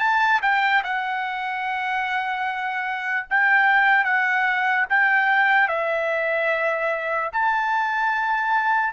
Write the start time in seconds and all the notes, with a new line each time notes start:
0.00 A5
0.42 G5
0.84 F#5
3.30 G5
4.05 F#5
4.90 G5
5.68 E5
7.32 A5